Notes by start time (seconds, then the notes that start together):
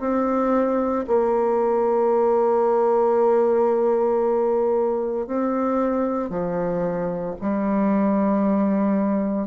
0.00 C4
1.07 A#3
5.27 C4
6.30 F3
7.42 G3